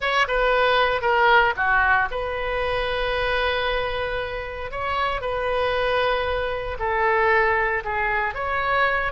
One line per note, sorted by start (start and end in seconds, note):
0.00 0.27 C#5
0.27 1.01 B4
1.01 1.53 A#4
1.56 2.08 F#4
2.10 4.71 B4
4.71 5.21 C#5
5.21 6.77 B4
6.79 7.83 A4
7.84 8.34 G#4
8.34 9.12 C#5